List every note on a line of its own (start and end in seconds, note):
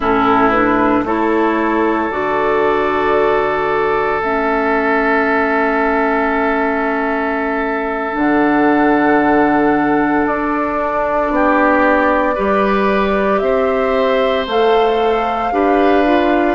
0.00 1.03 A2
0.00 0.53 C#4
0.00 1.04 E4
0.00 0.50 A4
0.50 1.05 D4
0.50 1.03 B4
1.03 2.08 A3
1.03 2.10 E4
1.03 11.32 A4
1.03 2.11 C#5
2.10 4.20 D3
2.10 4.20 F#4
2.10 4.21 D5
4.20 8.15 A3
4.20 8.12 C#4
4.20 8.16 E5
8.12 10.25 D3
8.12 12.33 D4
8.12 10.26 F#5
10.26 11.30 D4
10.26 13.39 D5
11.30 12.36 B3
11.30 12.34 G4
12.34 13.41 G3
12.34 14.46 G4
12.34 13.40 B4
13.39 14.46 C4
13.39 15.53 C5
13.39 14.44 E5
14.46 15.52 A3
14.46 15.52 A4
14.46 16.55 F5
15.52 16.55 D4
15.52 16.05 G4
15.52 16.55 B4
16.05 16.55 F4